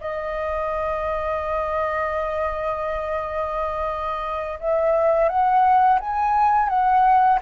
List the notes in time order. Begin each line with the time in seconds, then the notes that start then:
0.00 D#5
4.59 E5
5.28 F#5
6.00 G#5
6.68 F#5